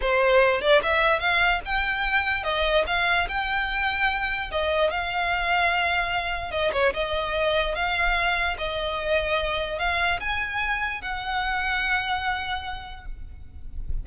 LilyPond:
\new Staff \with { instrumentName = "violin" } { \time 4/4 \tempo 4 = 147 c''4. d''8 e''4 f''4 | g''2 dis''4 f''4 | g''2. dis''4 | f''1 |
dis''8 cis''8 dis''2 f''4~ | f''4 dis''2. | f''4 gis''2 fis''4~ | fis''1 | }